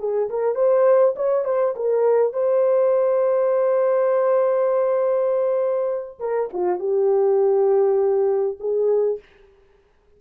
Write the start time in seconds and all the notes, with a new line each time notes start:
0.00 G#4
0.30 A#4
0.56 C5
1.16 C#5
1.45 C5
1.76 A#4
2.33 C5
6.20 A#4
6.53 F4
6.80 G4
8.60 G#4